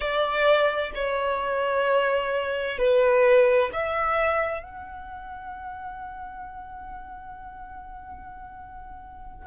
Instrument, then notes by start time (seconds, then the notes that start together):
violin
0.00 D5
0.94 C#5
2.78 B4
3.72 E5
4.62 F#5